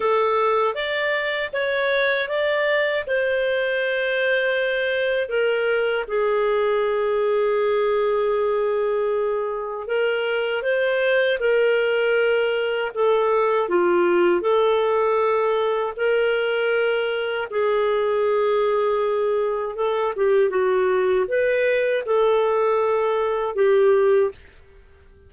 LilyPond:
\new Staff \with { instrumentName = "clarinet" } { \time 4/4 \tempo 4 = 79 a'4 d''4 cis''4 d''4 | c''2. ais'4 | gis'1~ | gis'4 ais'4 c''4 ais'4~ |
ais'4 a'4 f'4 a'4~ | a'4 ais'2 gis'4~ | gis'2 a'8 g'8 fis'4 | b'4 a'2 g'4 | }